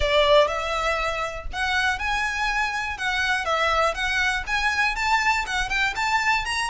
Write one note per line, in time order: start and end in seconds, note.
0.00 0.47 D5
0.47 1.46 E5
1.52 1.99 F#5
1.99 2.97 G#5
2.97 3.45 F#5
3.45 3.94 E5
3.94 4.43 F#5
4.46 4.95 G#5
4.95 5.45 A5
5.46 5.69 F#5
5.69 5.93 G5
5.95 6.45 A5
6.45 6.69 A#5